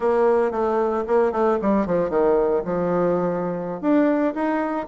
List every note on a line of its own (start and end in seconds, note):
0.00 0.51 A#3
0.51 1.04 A3
1.07 1.32 A#3
1.32 1.58 A3
1.61 1.86 G3
1.86 2.09 F3
2.09 2.62 D#3
2.64 3.81 F3
3.81 4.33 D4
4.34 4.87 D#4